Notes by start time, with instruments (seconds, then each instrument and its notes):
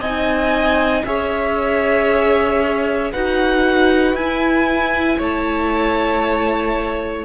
0.00 cello C4, viola D#4, violin D#5 G#5
1.05 cello C#4, viola G#4, violin C#5 E5
3.12 cello D#4, viola F#4, violin B4 F#5
4.14 cello E4, violin G#5
4.20 viola E4
5.19 cello A3, violin C#5 A5